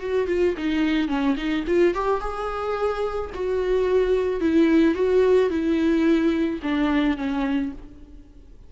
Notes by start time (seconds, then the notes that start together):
0.00 F#4
0.27 F4
0.57 D#4
1.08 C#4
1.37 D#4
1.67 F4
1.94 G4
2.21 G#4
3.34 F#4
4.41 E4
4.95 F#4
5.50 E4
6.63 D4
7.17 C#4